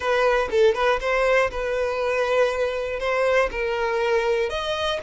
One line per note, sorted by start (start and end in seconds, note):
0.00 0.48 B4
0.50 0.74 A4
0.74 0.99 B4
1.00 1.50 C5
1.50 2.99 B4
2.99 3.49 C5
3.51 4.49 A#4
4.49 4.99 D#5